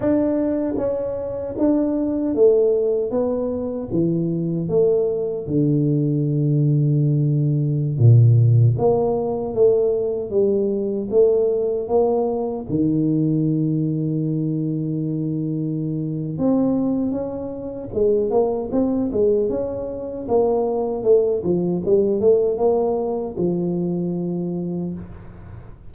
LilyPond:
\new Staff \with { instrumentName = "tuba" } { \time 4/4 \tempo 4 = 77 d'4 cis'4 d'4 a4 | b4 e4 a4 d4~ | d2~ d16 ais,4 ais8.~ | ais16 a4 g4 a4 ais8.~ |
ais16 dis2.~ dis8.~ | dis4 c'4 cis'4 gis8 ais8 | c'8 gis8 cis'4 ais4 a8 f8 | g8 a8 ais4 f2 | }